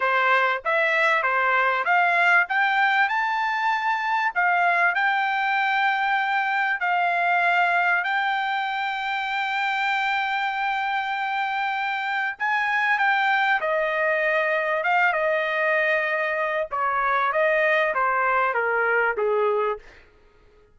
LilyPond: \new Staff \with { instrumentName = "trumpet" } { \time 4/4 \tempo 4 = 97 c''4 e''4 c''4 f''4 | g''4 a''2 f''4 | g''2. f''4~ | f''4 g''2.~ |
g''1 | gis''4 g''4 dis''2 | f''8 dis''2~ dis''8 cis''4 | dis''4 c''4 ais'4 gis'4 | }